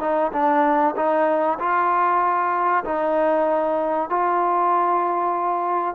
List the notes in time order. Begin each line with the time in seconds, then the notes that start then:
0.00 D#4
0.32 D4
0.96 D#4
1.59 F4
2.84 D#4
4.09 F4